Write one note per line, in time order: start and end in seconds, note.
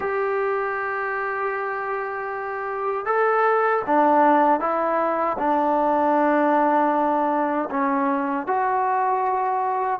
0.00 3.05 G4
3.05 3.82 A4
3.86 4.60 D4
4.60 5.37 E4
5.38 7.69 D4
7.70 8.47 C#4
8.47 10.00 F#4